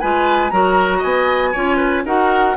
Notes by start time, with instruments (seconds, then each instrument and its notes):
0.00 bassoon G#3, clarinet F4, oboe B4, flute G#5
0.51 bassoon F#3, clarinet F#4, oboe A#4, flute A#5
0.98 bassoon B3, oboe D#5, flute G#5
1.53 bassoon C#4, clarinet F4, oboe C#5
1.77 oboe B4
2.05 bassoon D#4, clarinet F#4, oboe A#4, flute F#5